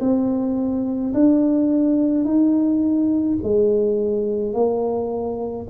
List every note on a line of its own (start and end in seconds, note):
0.00 1.13 C4
1.13 2.24 D4
2.24 3.38 D#4
3.43 4.53 G#3
4.53 5.66 A#3